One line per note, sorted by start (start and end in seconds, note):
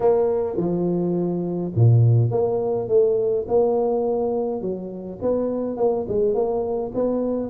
0.00 0.56 A#3
0.56 1.72 F3
1.75 2.30 A#2
2.30 2.88 A#3
2.88 3.46 A3
3.47 4.61 A#3
4.61 5.18 F#3
5.21 5.77 B3
5.77 6.06 A#3
6.08 6.34 G#3
6.34 6.92 A#3
6.94 7.49 B3